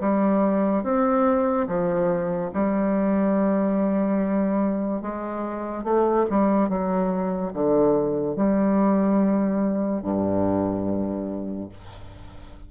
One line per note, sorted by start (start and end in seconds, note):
0.00 0.83 G3
0.83 1.67 C4
1.67 2.51 F3
2.53 5.02 G3
5.02 5.83 G#3
5.83 6.25 A3
6.30 6.69 G3
6.69 7.52 F#3
7.53 8.36 D3
8.36 10.02 G3
10.02 11.69 G2